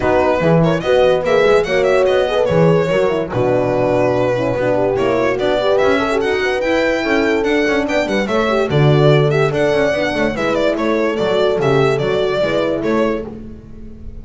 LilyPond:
<<
  \new Staff \with { instrumentName = "violin" } { \time 4/4 \tempo 4 = 145 b'4. cis''8 dis''4 e''4 | fis''8 e''8 dis''4 cis''2 | b'1 | cis''4 d''4 e''4 fis''4 |
g''2 fis''4 g''8 fis''8 | e''4 d''4. e''8 fis''4~ | fis''4 e''8 d''8 cis''4 d''4 | e''4 d''2 cis''4 | }
  \new Staff \with { instrumentName = "horn" } { \time 4/4 fis'4 gis'8 ais'8 b'2 | cis''4. b'4. ais'4 | fis'2~ fis'8 e'8 fis'8 g'8~ | g'8 fis'4 b'4 a'4 b'8~ |
b'4 a'2 d''8 b'8 | cis''4 a'2 d''4~ | d''8 cis''8 b'4 a'2~ | a'2 b'4 a'4 | }
  \new Staff \with { instrumentName = "horn" } { \time 4/4 dis'4 e'4 fis'4 gis'4 | fis'4. gis'16 a'16 gis'4 fis'8 e'8 | d'2~ d'8 cis'8 d'4 | e'4 d'8 g'4 a'16 g'16 fis'4 |
e'2 d'2 | a'8 g'8 fis'4. g'8 a'4 | d'4 e'2 fis'4 | g'4 fis'4 e'2 | }
  \new Staff \with { instrumentName = "double bass" } { \time 4/4 b4 e4 b4 ais8 gis8 | ais4 b4 e4 fis4 | b,2. b4 | ais4 b4 cis'4 dis'4 |
e'4 cis'4 d'8 cis'8 b8 g8 | a4 d2 d'8 cis'8 | b8 a8 gis4 a4 fis4 | cis4 fis4 gis4 a4 | }
>>